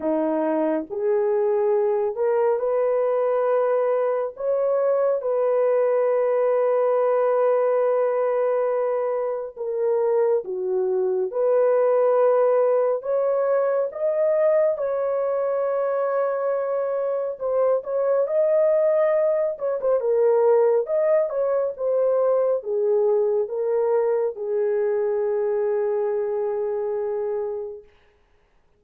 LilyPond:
\new Staff \with { instrumentName = "horn" } { \time 4/4 \tempo 4 = 69 dis'4 gis'4. ais'8 b'4~ | b'4 cis''4 b'2~ | b'2. ais'4 | fis'4 b'2 cis''4 |
dis''4 cis''2. | c''8 cis''8 dis''4. cis''16 c''16 ais'4 | dis''8 cis''8 c''4 gis'4 ais'4 | gis'1 | }